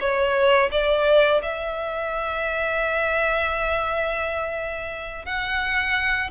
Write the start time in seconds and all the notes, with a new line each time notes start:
0.00 C#5
0.71 D5
1.42 E5
5.25 F#5